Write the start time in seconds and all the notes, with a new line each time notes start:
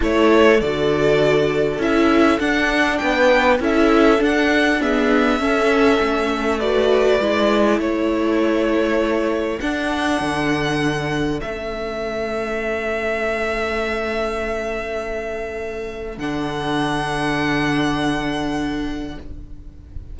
0.00 A3 E4 A4 C#5
0.60 D3 F#4 D5
1.78 C#4 E4 E5
2.39 D4 F#5
2.97 B3 B4 G5
3.59 C#4 E4 A4 E5
4.18 D4 F#5
4.81 B3 G#4 E5
5.39 C#4 A4
6.00 A3
6.58 F#4 B4 D5
7.19 G#3 E4
7.78 A3 A4 C#5
9.60 D4 F#5
10.20 D3
11.40 A3 C#4 E5
16.17 D3 D4 F#5